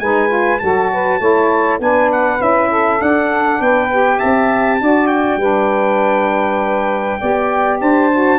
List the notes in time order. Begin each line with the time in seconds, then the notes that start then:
0.00 G#3 D#4 B4 G#5
0.29 F4
0.60 F#3 F#4 A4 A5
0.93 B4
1.20 A3 E4 C#5
1.79 B3 D4 B4 G#5
2.12 F#5
2.40 C#4 E4 E5
2.70 A4
2.98 D4 F#5
3.61 B3 B4 G5
3.92 G4
4.17 E5 A5
4.24 C4
4.81 D4 F#4 D5
5.08 G5
5.37 G3 D4 B4
7.20 B3 G4 D5
7.81 D4 C5 A5
8.14 F#4